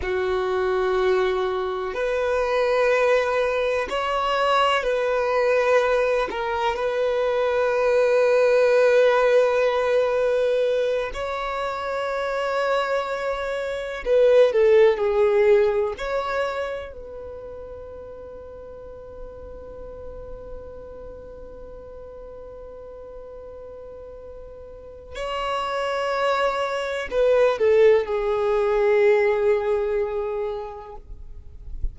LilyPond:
\new Staff \with { instrumentName = "violin" } { \time 4/4 \tempo 4 = 62 fis'2 b'2 | cis''4 b'4. ais'8 b'4~ | b'2.~ b'8 cis''8~ | cis''2~ cis''8 b'8 a'8 gis'8~ |
gis'8 cis''4 b'2~ b'8~ | b'1~ | b'2 cis''2 | b'8 a'8 gis'2. | }